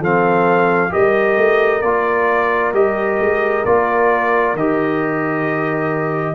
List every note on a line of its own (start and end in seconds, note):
0.00 0.91 F3
0.00 0.90 C4
0.00 0.91 A4
0.00 0.93 F5
0.90 1.37 G3
0.90 1.81 G4
0.90 6.35 A#4
0.90 1.82 D#5
1.37 1.83 A3
1.82 2.73 A#3
1.82 2.74 F4
1.82 2.73 D5
2.73 3.18 G3
2.73 3.65 G4
2.73 3.65 D#5
3.20 3.65 G#3
3.65 4.54 A#3
3.65 4.57 F4
3.65 4.56 D5
4.54 6.35 D#3
4.54 6.35 G4
4.54 6.35 D#5